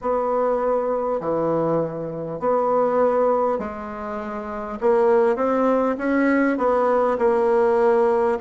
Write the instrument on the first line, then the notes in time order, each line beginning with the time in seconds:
bassoon
0.01 B3
1.20 E3
2.39 B3
3.58 G#3
4.80 A#3
5.36 C4
5.97 C#4
6.57 B3
7.18 A#3